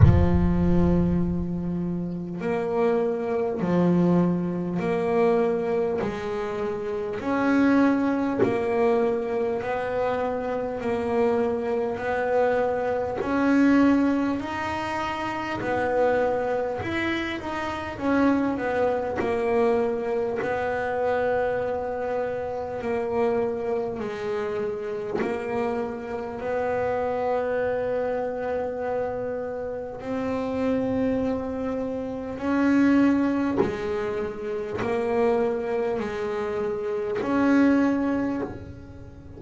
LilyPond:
\new Staff \with { instrumentName = "double bass" } { \time 4/4 \tempo 4 = 50 f2 ais4 f4 | ais4 gis4 cis'4 ais4 | b4 ais4 b4 cis'4 | dis'4 b4 e'8 dis'8 cis'8 b8 |
ais4 b2 ais4 | gis4 ais4 b2~ | b4 c'2 cis'4 | gis4 ais4 gis4 cis'4 | }